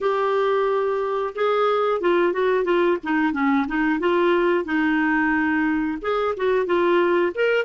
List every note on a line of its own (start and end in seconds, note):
0.00 1.34 G4
1.35 2.00 G#4
2.00 2.32 F4
2.32 2.64 F#4
2.64 2.97 F4
3.03 3.32 D#4
3.32 3.66 C#4
3.67 3.99 D#4
3.99 4.65 F4
4.65 5.98 D#4
6.01 6.35 G#4
6.37 6.65 F#4
6.65 7.32 F4
7.35 7.65 A#4